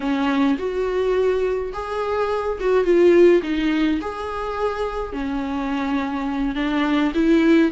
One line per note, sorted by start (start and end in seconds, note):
0.00 0.57 C#4
0.58 1.72 F#4
1.73 2.58 G#4
2.60 2.84 F#4
2.84 3.41 F4
3.42 3.99 D#4
4.01 5.12 G#4
5.12 6.55 C#4
6.55 7.12 D4
7.14 7.71 E4